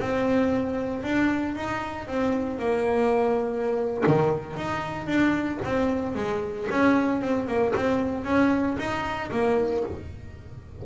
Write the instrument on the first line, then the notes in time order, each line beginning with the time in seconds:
double bass
0.00 C4
1.03 D4
1.56 D#4
2.07 C4
2.59 A#3
4.06 D#3
4.56 D#4
5.06 D4
5.64 C4
6.15 G#3
6.71 C#4
7.22 C4
7.48 A#3
7.76 C4
8.24 C#4
8.78 D#4
9.31 A#3